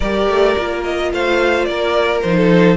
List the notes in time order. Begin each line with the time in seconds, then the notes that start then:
0.00 G3 G4 A#4 D5
0.28 A3
0.57 A#3 F4
0.84 D#5
1.12 A3 C5 F5
1.65 A#3 A#4 D5
2.21 F3 D#4 C5
2.37 A4